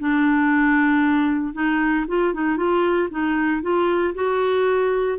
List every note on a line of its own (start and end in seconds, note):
0.00 1.54 D4
1.54 2.06 D#4
2.08 2.34 F4
2.34 2.57 D#4
2.57 3.09 F4
3.11 3.62 D#4
3.62 4.15 F4
4.15 5.19 F#4